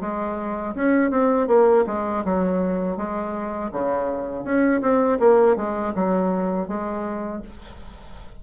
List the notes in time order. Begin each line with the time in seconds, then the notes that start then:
0.00 G#3
0.75 C#4
1.10 C4
1.47 A#3
1.86 G#3
2.25 F#3
2.97 G#3
3.71 C#3
4.44 C#4
4.81 C4
5.19 A#3
5.56 G#3
5.95 F#3
6.67 G#3